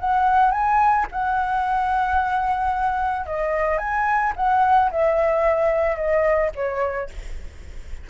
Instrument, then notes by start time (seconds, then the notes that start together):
flute
0.00 F#5
0.52 G#5
1.12 F#5
3.27 D#5
3.79 G#5
4.37 F#5
4.92 E5
5.97 D#5
6.56 C#5